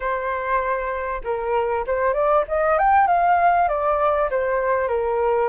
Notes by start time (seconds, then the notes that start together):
0.00 C5
1.24 A#4
1.86 C5
2.13 D5
2.47 D#5
2.78 G5
3.07 F5
3.68 D5
4.30 C5
4.88 A#4